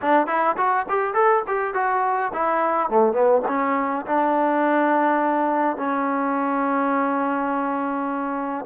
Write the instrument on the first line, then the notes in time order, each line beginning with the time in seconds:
trombone
0.01 D4
0.26 E4
0.57 F#4
0.88 G4
1.14 A4
1.47 G4
1.74 F#4
2.33 E4
2.89 A3
3.13 B3
3.48 C#4
4.06 D4
5.76 C#4